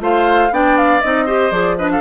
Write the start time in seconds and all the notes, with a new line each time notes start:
0.00 A3 F4 C5 F5
0.51 B3 D4 D5 G5
0.77 F5
1.02 C4 D#4 D#5
1.26 G4 C5
1.51 F3 G#4 D5
1.77 D4 B4 D#5
1.91 A4 F5